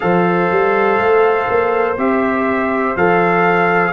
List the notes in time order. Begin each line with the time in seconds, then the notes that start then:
0.00 F3 A4 C5 F5
0.50 G3
0.99 A3
1.49 A#3
1.97 C4 G4 E5
2.96 F3 A4 F5